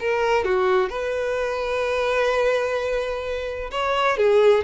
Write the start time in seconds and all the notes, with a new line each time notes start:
0.00 A#4
0.45 F#4
0.90 B4
3.71 C#5
4.18 G#4